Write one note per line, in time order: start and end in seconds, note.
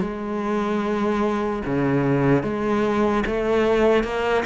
0.00 1.62 G#3
1.65 2.43 C#3
2.43 3.24 G#3
3.26 4.04 A3
4.04 4.44 A#3